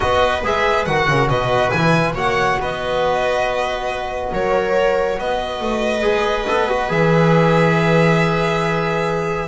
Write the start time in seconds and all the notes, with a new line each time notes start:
0.00 B3 F#4 B4 D#5
0.43 G#3 G#4 E5
0.85 D#3 F#4 F#5
1.08 C#3 A#4
1.29 B2 B4 D#5
1.69 E3 E4 G#5
2.14 A#3 F#4 C#5 F#5
2.59 B3 B4 D#5
4.32 F#3 A#4 C#5
5.18 B3 B4 D#5
5.60 A3
6.01 G#3 G#4
6.47 B3 A4
6.69 F#4
6.88 E3 G#4 E5